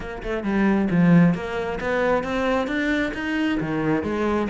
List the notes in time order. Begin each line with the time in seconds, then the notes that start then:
0.00 A#3
0.22 A3
0.43 G3
0.90 F3
1.34 A#3
1.80 B3
2.23 C4
2.67 D4
3.13 D#4
3.60 D#3
4.03 G#3